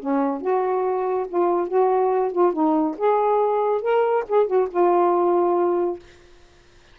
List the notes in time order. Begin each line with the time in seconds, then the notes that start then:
0.00 C#4
0.41 F#4
1.28 F4
1.68 F#4
2.32 F4
2.53 D#4
2.98 G#4
3.82 A#4
4.29 G#4
4.47 F#4
4.71 F4